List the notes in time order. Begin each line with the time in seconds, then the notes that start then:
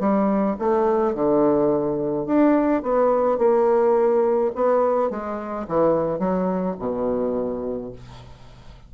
0.00 G3
0.59 A3
1.15 D3
2.27 D4
2.83 B3
3.39 A#3
4.55 B3
5.10 G#3
5.68 E3
6.19 F#3
6.79 B2